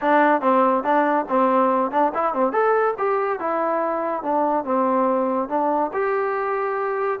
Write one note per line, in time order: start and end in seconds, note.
0.01 0.41 D4
0.41 0.83 C4
0.83 1.25 D4
1.28 1.91 C4
1.91 2.12 D4
2.14 2.33 E4
2.33 2.52 C4
2.52 2.94 A4
2.98 3.39 G4
3.39 4.23 E4
4.23 4.64 D4
4.64 5.48 C4
5.48 5.91 D4
5.93 7.19 G4